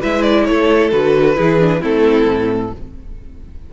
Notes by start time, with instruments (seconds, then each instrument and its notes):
0.00 cello G#3, viola E4, violin B4 E5
0.22 violin D5
0.45 cello A3, violin A4 C#5
0.92 cello D3, viola F#4, violin B4
1.36 cello E3, viola E4, violin G#4
1.60 viola D4
1.81 cello A3, viola C4, violin E4 A4
2.27 cello A2